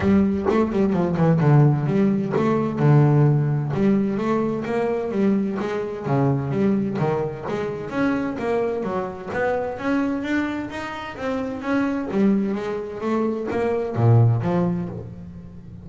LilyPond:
\new Staff \with { instrumentName = "double bass" } { \time 4/4 \tempo 4 = 129 g4 a8 g8 f8 e8 d4 | g4 a4 d2 | g4 a4 ais4 g4 | gis4 cis4 g4 dis4 |
gis4 cis'4 ais4 fis4 | b4 cis'4 d'4 dis'4 | c'4 cis'4 g4 gis4 | a4 ais4 ais,4 f4 | }